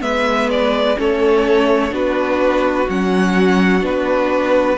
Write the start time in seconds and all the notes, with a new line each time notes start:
0.00 G#3 B3 B4 E5
0.50 D5
0.96 A3 C#4 A4 C#5
1.90 B3 D4 F#4 B4
2.89 F#3 C#4 F#5
3.80 B3 D4 B4